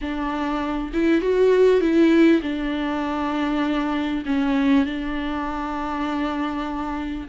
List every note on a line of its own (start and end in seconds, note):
0.01 0.92 D4
0.93 1.21 E4
1.21 1.80 F#4
1.80 2.41 E4
2.42 4.23 D4
4.25 4.85 C#4
4.85 7.28 D4